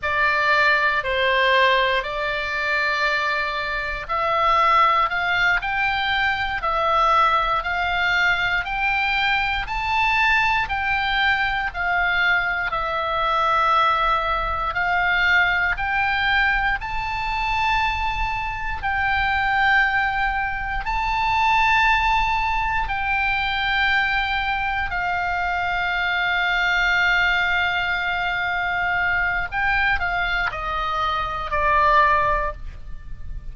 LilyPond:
\new Staff \with { instrumentName = "oboe" } { \time 4/4 \tempo 4 = 59 d''4 c''4 d''2 | e''4 f''8 g''4 e''4 f''8~ | f''8 g''4 a''4 g''4 f''8~ | f''8 e''2 f''4 g''8~ |
g''8 a''2 g''4.~ | g''8 a''2 g''4.~ | g''8 f''2.~ f''8~ | f''4 g''8 f''8 dis''4 d''4 | }